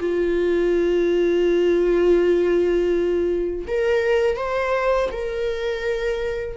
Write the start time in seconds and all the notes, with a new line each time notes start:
0.00 F4
3.68 A#4
4.37 C5
5.12 A#4